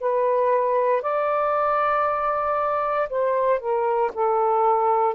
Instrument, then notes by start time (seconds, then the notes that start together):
saxophone
0.00 B4
1.02 D5
3.10 C5
3.60 A#4
4.14 A4